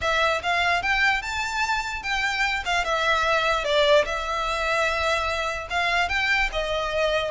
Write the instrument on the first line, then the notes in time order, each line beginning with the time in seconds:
violin
0.01 E5
0.43 F5
0.82 G5
1.22 A5
2.02 G5
2.65 F5
2.84 E5
3.64 D5
4.05 E5
5.70 F5
6.08 G5
6.52 D#5